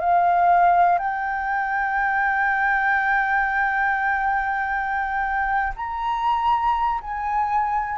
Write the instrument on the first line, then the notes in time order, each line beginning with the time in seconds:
flute
0.00 F5
0.98 G5
5.76 A#5
7.01 G#5